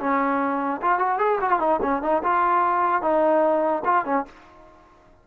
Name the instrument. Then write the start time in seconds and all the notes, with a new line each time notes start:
trombone
0.00 C#4
0.82 F4
0.99 F#4
1.19 G#4
1.41 F#4
1.50 F4
1.60 D#4
1.82 C#4
2.03 D#4
2.23 F4
3.02 D#4
3.85 F4
4.05 C#4